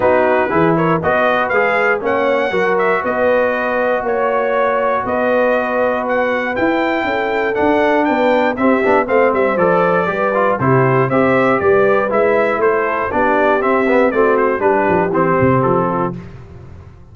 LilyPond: <<
  \new Staff \with { instrumentName = "trumpet" } { \time 4/4 \tempo 4 = 119 b'4. cis''8 dis''4 f''4 | fis''4. e''8 dis''2 | cis''2 dis''2 | fis''4 g''2 fis''4 |
g''4 e''4 f''8 e''8 d''4~ | d''4 c''4 e''4 d''4 | e''4 c''4 d''4 e''4 | d''8 c''8 b'4 c''4 a'4 | }
  \new Staff \with { instrumentName = "horn" } { \time 4/4 fis'4 gis'8 ais'8 b'2 | cis''4 ais'4 b'2 | cis''2 b'2~ | b'2 a'2 |
b'4 g'4 c''2 | b'4 g'4 c''4 b'4~ | b'4 a'4 g'2 | fis'4 g'2~ g'8 f'8 | }
  \new Staff \with { instrumentName = "trombone" } { \time 4/4 dis'4 e'4 fis'4 gis'4 | cis'4 fis'2.~ | fis'1~ | fis'4 e'2 d'4~ |
d'4 c'8 d'8 c'4 a'4 | g'8 f'8 e'4 g'2 | e'2 d'4 c'8 b8 | c'4 d'4 c'2 | }
  \new Staff \with { instrumentName = "tuba" } { \time 4/4 b4 e4 b4 gis4 | ais4 fis4 b2 | ais2 b2~ | b4 e'4 cis'4 d'4 |
b4 c'8 b8 a8 g8 f4 | g4 c4 c'4 g4 | gis4 a4 b4 c'4 | a4 g8 f8 e8 c8 f4 | }
>>